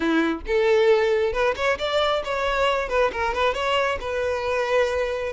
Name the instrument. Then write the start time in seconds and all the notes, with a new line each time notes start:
violin
0.00 E4
0.46 A4
1.32 B4
1.56 C#5
1.78 D5
2.24 C#5
2.88 B4
3.12 A#4
3.33 B4
3.53 C#5
4.00 B4